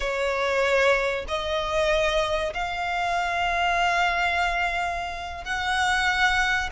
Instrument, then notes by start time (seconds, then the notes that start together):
violin
0.00 C#5
1.28 D#5
2.53 F5
5.44 F#5